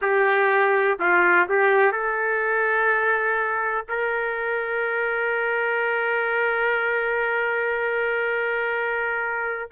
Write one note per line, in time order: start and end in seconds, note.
0.01 0.98 G4
0.99 1.47 F4
1.48 1.92 G4
1.92 3.85 A4
3.88 9.69 A#4